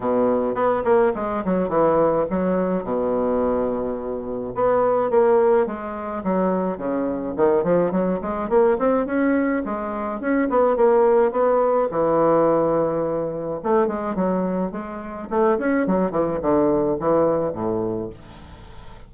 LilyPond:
\new Staff \with { instrumentName = "bassoon" } { \time 4/4 \tempo 4 = 106 b,4 b8 ais8 gis8 fis8 e4 | fis4 b,2. | b4 ais4 gis4 fis4 | cis4 dis8 f8 fis8 gis8 ais8 c'8 |
cis'4 gis4 cis'8 b8 ais4 | b4 e2. | a8 gis8 fis4 gis4 a8 cis'8 | fis8 e8 d4 e4 a,4 | }